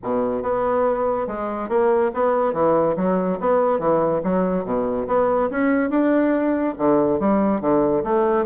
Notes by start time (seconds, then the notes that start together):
0.03 B2
0.42 B3
1.27 G#3
1.68 A#3
2.14 B3
2.53 E3
2.96 F#3
3.40 B3
3.79 E3
4.23 F#3
4.64 B2
5.07 B3
5.50 C#4
5.90 D4
6.77 D3
7.19 G3
7.60 D3
8.03 A3